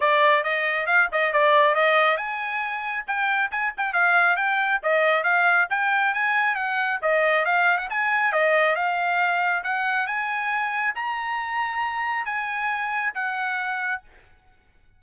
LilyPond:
\new Staff \with { instrumentName = "trumpet" } { \time 4/4 \tempo 4 = 137 d''4 dis''4 f''8 dis''8 d''4 | dis''4 gis''2 g''4 | gis''8 g''8 f''4 g''4 dis''4 | f''4 g''4 gis''4 fis''4 |
dis''4 f''8. fis''16 gis''4 dis''4 | f''2 fis''4 gis''4~ | gis''4 ais''2. | gis''2 fis''2 | }